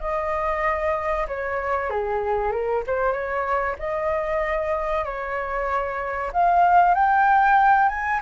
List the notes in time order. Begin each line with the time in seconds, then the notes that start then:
0.00 D#5
1.27 C#5
1.90 G#4
2.51 A#4
2.87 C5
3.12 C#5
3.79 D#5
5.05 C#5
6.32 F5
6.94 G5
7.89 G#5